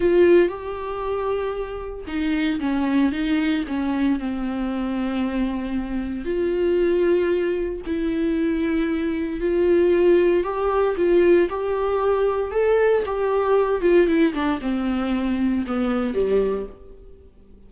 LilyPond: \new Staff \with { instrumentName = "viola" } { \time 4/4 \tempo 4 = 115 f'4 g'2. | dis'4 cis'4 dis'4 cis'4 | c'1 | f'2. e'4~ |
e'2 f'2 | g'4 f'4 g'2 | a'4 g'4. f'8 e'8 d'8 | c'2 b4 g4 | }